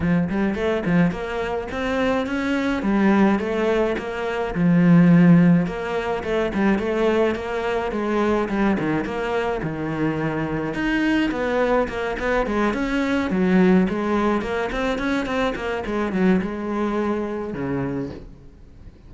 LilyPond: \new Staff \with { instrumentName = "cello" } { \time 4/4 \tempo 4 = 106 f8 g8 a8 f8 ais4 c'4 | cis'4 g4 a4 ais4 | f2 ais4 a8 g8 | a4 ais4 gis4 g8 dis8 |
ais4 dis2 dis'4 | b4 ais8 b8 gis8 cis'4 fis8~ | fis8 gis4 ais8 c'8 cis'8 c'8 ais8 | gis8 fis8 gis2 cis4 | }